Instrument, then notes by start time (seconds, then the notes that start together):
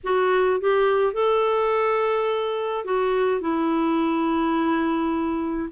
clarinet
0.03 F#4
0.60 G4
1.13 A4
2.84 F#4
3.40 E4